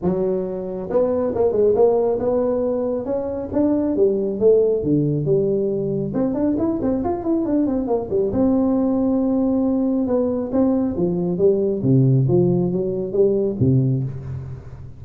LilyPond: \new Staff \with { instrumentName = "tuba" } { \time 4/4 \tempo 4 = 137 fis2 b4 ais8 gis8 | ais4 b2 cis'4 | d'4 g4 a4 d4 | g2 c'8 d'8 e'8 c'8 |
f'8 e'8 d'8 c'8 ais8 g8 c'4~ | c'2. b4 | c'4 f4 g4 c4 | f4 fis4 g4 c4 | }